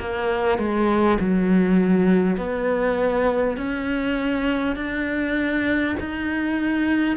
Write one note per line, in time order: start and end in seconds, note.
0.00 0.58 A#3
0.58 1.18 G#3
1.20 2.38 F#3
2.38 3.58 B3
3.58 4.76 C#4
4.76 5.96 D4
6.01 7.17 D#4